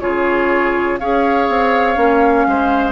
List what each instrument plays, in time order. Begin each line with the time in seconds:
0.00 bassoon C#3, clarinet F4, oboe G#4, flute C#5
0.99 bassoon C#4, clarinet G#4, oboe C#5, flute F5
1.49 bassoon C4
1.96 bassoon A#3, clarinet C#4
2.47 bassoon G#3, oboe C5